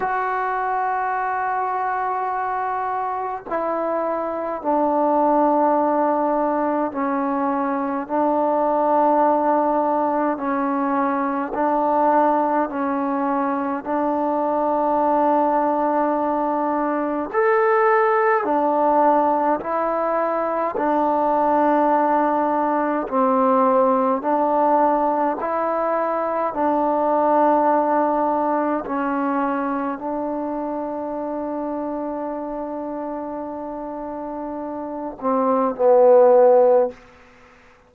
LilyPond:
\new Staff \with { instrumentName = "trombone" } { \time 4/4 \tempo 4 = 52 fis'2. e'4 | d'2 cis'4 d'4~ | d'4 cis'4 d'4 cis'4 | d'2. a'4 |
d'4 e'4 d'2 | c'4 d'4 e'4 d'4~ | d'4 cis'4 d'2~ | d'2~ d'8 c'8 b4 | }